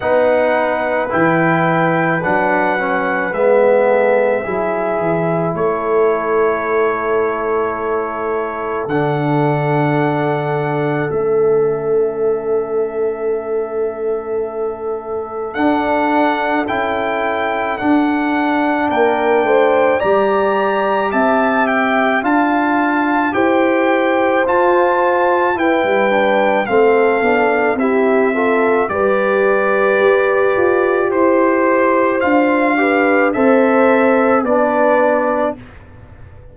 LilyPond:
<<
  \new Staff \with { instrumentName = "trumpet" } { \time 4/4 \tempo 4 = 54 fis''4 g''4 fis''4 e''4~ | e''4 cis''2. | fis''2 e''2~ | e''2 fis''4 g''4 |
fis''4 g''4 ais''4 a''8 g''8 | a''4 g''4 a''4 g''4 | f''4 e''4 d''2 | c''4 f''4 e''4 d''4 | }
  \new Staff \with { instrumentName = "horn" } { \time 4/4 b'2.~ b'8 a'8 | gis'4 a'2.~ | a'1~ | a'1~ |
a'4 ais'8 c''8 d''4 e''4 | f''4 c''2 b'4 | a'4 g'8 a'8 b'2 | c''4. b'8 c''4 b'4 | }
  \new Staff \with { instrumentName = "trombone" } { \time 4/4 dis'4 e'4 d'8 cis'8 b4 | e'1 | d'2 cis'2~ | cis'2 d'4 e'4 |
d'2 g'2 | f'4 g'4 f'4 e'8 d'8 | c'8 d'8 e'8 f'8 g'2~ | g'4 f'8 g'8 a'4 d'4 | }
  \new Staff \with { instrumentName = "tuba" } { \time 4/4 b4 e4 fis4 gis4 | fis8 e8 a2. | d2 a2~ | a2 d'4 cis'4 |
d'4 ais8 a8 g4 c'4 | d'4 e'4 f'4 e'16 g8. | a8 b8 c'4 g4 g'8 f'8 | e'4 d'4 c'4 b4 | }
>>